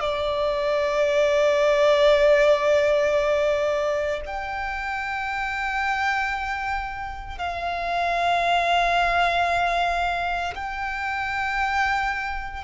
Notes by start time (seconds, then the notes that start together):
0.00 D5
4.26 G5
7.38 F5
10.55 G5